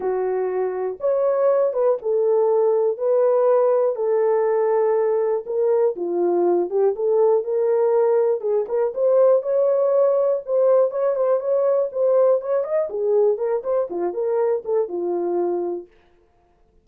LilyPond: \new Staff \with { instrumentName = "horn" } { \time 4/4 \tempo 4 = 121 fis'2 cis''4. b'8 | a'2 b'2 | a'2. ais'4 | f'4. g'8 a'4 ais'4~ |
ais'4 gis'8 ais'8 c''4 cis''4~ | cis''4 c''4 cis''8 c''8 cis''4 | c''4 cis''8 dis''8 gis'4 ais'8 c''8 | f'8 ais'4 a'8 f'2 | }